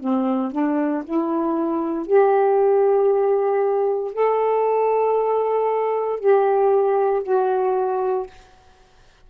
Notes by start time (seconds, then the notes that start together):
0.00 C4
0.52 D4
1.04 E4
2.06 G4
4.13 A4
6.20 G4
7.23 F#4